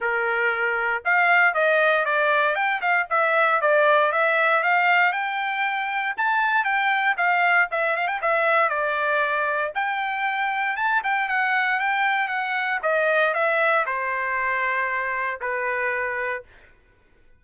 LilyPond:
\new Staff \with { instrumentName = "trumpet" } { \time 4/4 \tempo 4 = 117 ais'2 f''4 dis''4 | d''4 g''8 f''8 e''4 d''4 | e''4 f''4 g''2 | a''4 g''4 f''4 e''8 f''16 g''16 |
e''4 d''2 g''4~ | g''4 a''8 g''8 fis''4 g''4 | fis''4 dis''4 e''4 c''4~ | c''2 b'2 | }